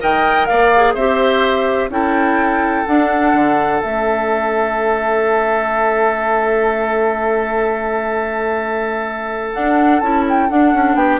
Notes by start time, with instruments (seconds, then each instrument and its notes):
0.00 bassoon D#3, clarinet A#4, oboe D#5, flute G5
0.46 bassoon A#3, oboe D5, flute F5
0.76 clarinet G#4
0.95 bassoon C4, clarinet G4, oboe C5, flute E5
1.89 bassoon C#4, clarinet E4, oboe A4, flute G5
2.87 clarinet D4, bassoon D4, flute F#5
3.33 bassoon D3
3.81 bassoon A3, clarinet C#4, flute E5
9.54 bassoon D4, clarinet D4, flute F#5
10.00 bassoon C#4, clarinet E4, flute A5
10.29 flute G5
10.50 clarinet D4, bassoon D4, flute F#5
10.74 bassoon C#4
10.95 bassoon B3, oboe G4, flute G5